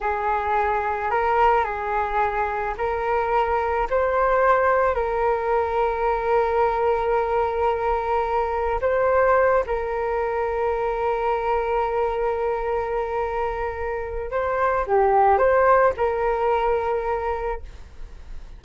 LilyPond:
\new Staff \with { instrumentName = "flute" } { \time 4/4 \tempo 4 = 109 gis'2 ais'4 gis'4~ | gis'4 ais'2 c''4~ | c''4 ais'2.~ | ais'1 |
c''4. ais'2~ ais'8~ | ais'1~ | ais'2 c''4 g'4 | c''4 ais'2. | }